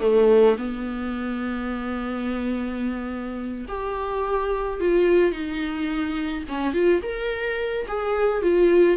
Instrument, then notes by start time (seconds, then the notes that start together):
viola
0.00 A3
0.58 B3
3.68 G4
4.80 F4
5.32 D#4
6.48 C#4
6.73 F4
7.02 A#4
7.88 G#4
8.42 F4